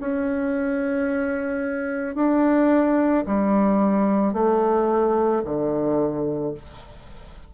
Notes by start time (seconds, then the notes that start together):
0.00 C#4
2.16 D4
3.26 G3
4.33 A3
5.45 D3